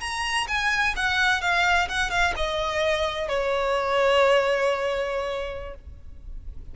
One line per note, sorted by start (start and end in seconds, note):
0.00 0.47 A#5
0.48 0.95 G#5
0.96 1.41 F#5
1.41 1.88 F5
1.89 2.10 F#5
2.10 2.34 F5
2.36 3.28 D#5
3.28 5.74 C#5